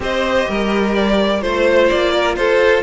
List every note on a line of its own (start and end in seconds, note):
0.00 0.46 C4
0.00 1.41 G4
0.00 0.48 C5
0.00 0.95 D#5
0.48 1.43 G3
0.48 1.43 A#4
0.95 1.41 D5
1.41 1.90 A3
1.41 2.83 F4
1.41 1.87 C5
1.41 2.11 C5
1.87 2.36 A#3
1.87 2.35 D5
2.11 2.35 A#4
2.35 2.83 F4
2.35 2.83 A4
2.35 2.82 C5